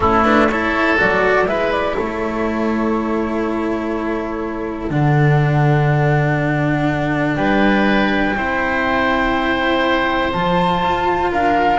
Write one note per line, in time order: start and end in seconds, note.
0.00 0.96 A3
0.00 0.25 C#4
0.00 0.50 E4
0.00 0.23 A4
0.23 0.49 D4
0.23 0.48 B4
0.49 0.96 E4
0.49 1.48 A4
0.49 0.99 C#5
0.96 1.47 F#3
0.96 1.45 F#4
0.96 1.47 D5
1.47 1.96 G#3
1.47 4.90 E4
1.47 1.96 B4
1.47 1.71 E5
1.71 1.96 D5
1.96 4.90 A3
1.96 7.37 A4
1.96 4.90 C#5
4.90 7.36 D3
4.90 8.35 D4
4.90 7.35 F#5
7.35 8.35 G3
7.35 8.35 B4
7.35 10.30 G5
8.36 10.33 C4
8.36 10.32 E4
8.36 11.31 C5
10.32 10.83 F3
10.32 11.79 F4
10.32 11.30 A5
10.83 11.32 F4
11.31 11.79 D4
11.31 11.79 A#4
11.31 11.79 F5